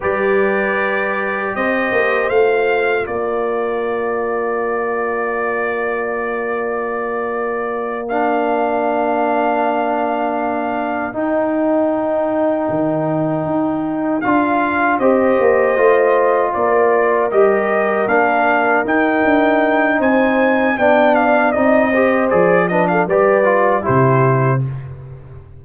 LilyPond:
<<
  \new Staff \with { instrumentName = "trumpet" } { \time 4/4 \tempo 4 = 78 d''2 dis''4 f''4 | d''1~ | d''2~ d''8 f''4.~ | f''2~ f''8 g''4.~ |
g''2~ g''8 f''4 dis''8~ | dis''4. d''4 dis''4 f''8~ | f''8 g''4. gis''4 g''8 f''8 | dis''4 d''8 dis''16 f''16 d''4 c''4 | }
  \new Staff \with { instrumentName = "horn" } { \time 4/4 b'2 c''2 | ais'1~ | ais'1~ | ais'1~ |
ais'2.~ ais'8 c''8~ | c''4. ais'2~ ais'8~ | ais'2 c''4 d''4~ | d''8 c''4 b'16 a'16 b'4 g'4 | }
  \new Staff \with { instrumentName = "trombone" } { \time 4/4 g'2. f'4~ | f'1~ | f'2~ f'8 d'4.~ | d'2~ d'8 dis'4.~ |
dis'2~ dis'8 f'4 g'8~ | g'8 f'2 g'4 d'8~ | d'8 dis'2~ dis'8 d'4 | dis'8 g'8 gis'8 d'8 g'8 f'8 e'4 | }
  \new Staff \with { instrumentName = "tuba" } { \time 4/4 g2 c'8 ais8 a4 | ais1~ | ais1~ | ais2~ ais8 dis'4.~ |
dis'8 dis4 dis'4 d'4 c'8 | ais8 a4 ais4 g4 ais8~ | ais8 dis'8 d'4 c'4 b4 | c'4 f4 g4 c4 | }
>>